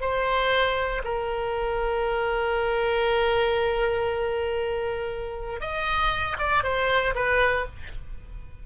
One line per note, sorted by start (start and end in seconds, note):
0.00 1.02 C5
1.04 5.60 A#4
5.60 6.37 D#5
6.38 6.63 D5
6.63 7.14 C5
7.14 7.65 B4